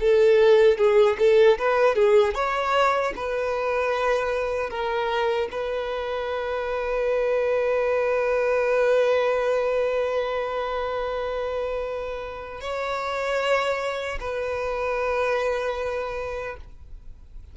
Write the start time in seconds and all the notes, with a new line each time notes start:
0.00 A4
0.77 G#4
1.18 A4
1.58 B4
1.95 G#4
2.34 C#5
3.16 B4
4.70 A#4
5.51 B4
12.61 C#5
14.20 B4